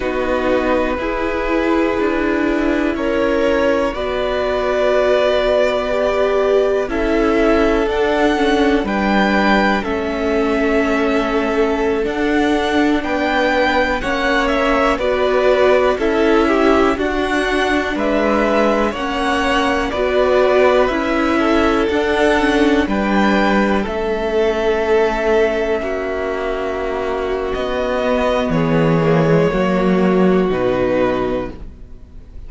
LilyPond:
<<
  \new Staff \with { instrumentName = "violin" } { \time 4/4 \tempo 4 = 61 b'2. cis''4 | d''2. e''4 | fis''4 g''4 e''2~ | e''16 fis''4 g''4 fis''8 e''8 d''8.~ |
d''16 e''4 fis''4 e''4 fis''8.~ | fis''16 d''4 e''4 fis''4 g''8.~ | g''16 e''2.~ e''8. | dis''4 cis''2 b'4 | }
  \new Staff \with { instrumentName = "violin" } { \time 4/4 fis'4 gis'2 ais'4 | b'2. a'4~ | a'4 b'4 a'2~ | a'4~ a'16 b'4 cis''4 b'8.~ |
b'16 a'8 g'8 fis'4 b'4 cis''8.~ | cis''16 b'4. a'4. b'8.~ | b'16 a'2 fis'4.~ fis'16~ | fis'4 gis'4 fis'2 | }
  \new Staff \with { instrumentName = "viola" } { \time 4/4 dis'4 e'2. | fis'2 g'4 e'4 | d'8 cis'8 d'4 cis'2~ | cis'16 d'2 cis'4 fis'8.~ |
fis'16 e'4 d'2 cis'8.~ | cis'16 fis'4 e'4 d'8 cis'8 d'8.~ | d'16 cis'2.~ cis'8.~ | cis'8 b4 ais16 gis16 ais4 dis'4 | }
  \new Staff \with { instrumentName = "cello" } { \time 4/4 b4 e'4 d'4 cis'4 | b2. cis'4 | d'4 g4 a2~ | a16 d'4 b4 ais4 b8.~ |
b16 cis'4 d'4 gis4 ais8.~ | ais16 b4 cis'4 d'4 g8.~ | g16 a2 ais4.~ ais16 | b4 e4 fis4 b,4 | }
>>